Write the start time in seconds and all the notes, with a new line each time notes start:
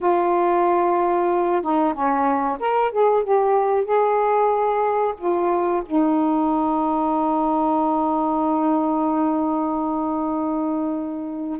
0.01 F4
1.62 D#4
1.93 C#4
2.59 A#4
2.91 G#4
3.23 G4
3.84 G#4
5.18 F4
5.85 D#4